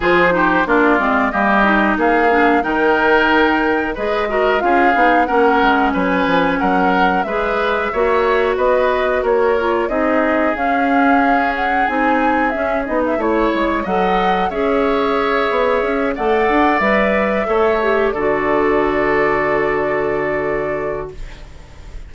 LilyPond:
<<
  \new Staff \with { instrumentName = "flute" } { \time 4/4 \tempo 4 = 91 c''4 d''4 dis''4 f''4 | g''2 dis''4 f''4 | fis''4 gis''4 fis''4 e''4~ | e''4 dis''4 cis''4 dis''4 |
f''4. fis''8 gis''4 e''8 dis''16 e''16 | cis''4 fis''4 e''2~ | e''8 fis''4 e''2 d''8~ | d''1 | }
  \new Staff \with { instrumentName = "oboe" } { \time 4/4 gis'8 g'8 f'4 g'4 gis'4 | ais'2 b'8 ais'8 gis'4 | ais'4 b'4 ais'4 b'4 | cis''4 b'4 ais'4 gis'4~ |
gis'1 | cis''4 dis''4 cis''2~ | cis''8 d''2 cis''4 a'8~ | a'1 | }
  \new Staff \with { instrumentName = "clarinet" } { \time 4/4 f'8 dis'8 d'8 c'8 ais8 dis'4 d'8 | dis'2 gis'8 fis'8 f'8 dis'8 | cis'2. gis'4 | fis'2~ fis'8 f'8 dis'4 |
cis'2 dis'4 cis'8 dis'8 | e'4 a'4 gis'2~ | gis'8 a'4 b'4 a'8 g'8 fis'8~ | fis'1 | }
  \new Staff \with { instrumentName = "bassoon" } { \time 4/4 f4 ais8 gis8 g4 ais4 | dis2 gis4 cis'8 b8 | ais8 gis8 fis8 f8 fis4 gis4 | ais4 b4 ais4 c'4 |
cis'2 c'4 cis'8 b8 | a8 gis8 fis4 cis'4. b8 | cis'8 a8 d'8 g4 a4 d8~ | d1 | }
>>